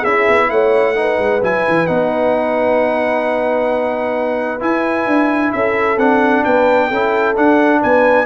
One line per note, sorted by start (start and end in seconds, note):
0.00 0.27 C#4
0.00 0.96 E4
0.00 0.46 G#4
0.00 0.50 E5
0.28 0.51 B3
0.50 1.19 A3
0.50 0.97 C#5
0.50 1.42 F#5
0.96 1.41 D#4
0.96 5.55 B4
1.19 1.42 G#3
1.42 1.65 F#3
1.42 1.87 E4
1.42 1.87 G#5
1.68 1.89 E3
1.87 4.62 B3
1.87 4.60 D#4
1.87 4.62 F#5
4.60 5.97 E4
4.60 5.07 E4
4.60 5.52 G#5
5.07 5.52 D4
5.52 5.97 C#4
5.52 6.46 A4
5.52 5.98 E5
5.97 6.43 C4
5.97 6.91 D4
5.97 6.44 F#5
6.44 6.91 B3
6.44 6.88 B4
6.44 7.36 G5
6.88 7.37 C#4
6.88 7.80 A4
6.94 7.35 E4
7.35 8.26 D4
7.35 7.82 D4
7.35 7.82 F#5
7.81 8.26 B3
7.81 8.26 B4
7.81 8.26 G#5